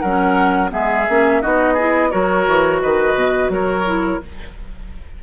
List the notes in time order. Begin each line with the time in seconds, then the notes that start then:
0.00 F#3 C#4 A#4 F#5
0.70 G#3 B3 G#4 E5
1.09 A#3 C#4
1.42 B3 D#4 F#4 D#5
1.74 E4 G#4
2.11 F#3 F#4 A#4 C#5
2.48 E3
2.82 D#3 B4 D#5
3.15 B2
3.50 F#3 A#4 C#5
3.86 E4